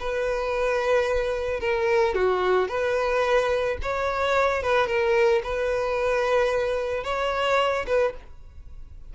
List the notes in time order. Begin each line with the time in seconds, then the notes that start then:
0.00 B4
1.61 A#4
2.15 F#4
2.69 B4
3.83 C#5
4.63 B4
4.87 A#4
5.44 B4
7.04 C#5
7.87 B4